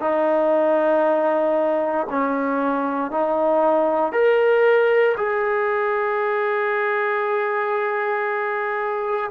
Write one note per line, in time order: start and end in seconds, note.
0.00 2.07 D#4
2.10 3.11 C#4
3.11 4.12 D#4
4.12 5.15 A#4
5.17 9.31 G#4